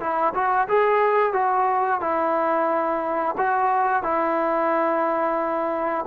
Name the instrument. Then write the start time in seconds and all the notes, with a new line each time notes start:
trombone
0.00 E4
0.34 F#4
0.69 G#4
1.34 F#4
2.01 E4
3.38 F#4
4.04 E4